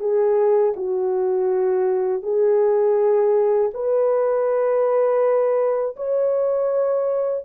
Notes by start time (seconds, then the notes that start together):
0.00 G#4
0.76 F#4
2.23 G#4
3.74 B4
5.97 C#5